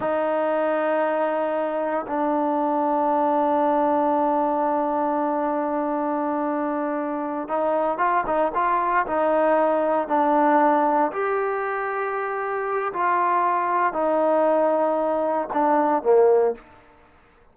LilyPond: \new Staff \with { instrumentName = "trombone" } { \time 4/4 \tempo 4 = 116 dis'1 | d'1~ | d'1~ | d'2~ d'8 dis'4 f'8 |
dis'8 f'4 dis'2 d'8~ | d'4. g'2~ g'8~ | g'4 f'2 dis'4~ | dis'2 d'4 ais4 | }